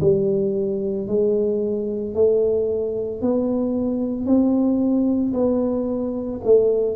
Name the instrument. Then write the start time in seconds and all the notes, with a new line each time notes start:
tuba
0.00 G3
1.07 G#3
2.14 A3
3.21 B3
4.26 C4
5.33 B3
6.44 A3